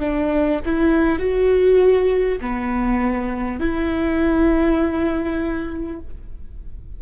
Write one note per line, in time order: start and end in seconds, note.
0.00 0.60 D4
0.65 1.19 E4
1.19 2.39 F#4
2.41 3.60 B3
3.60 6.00 E4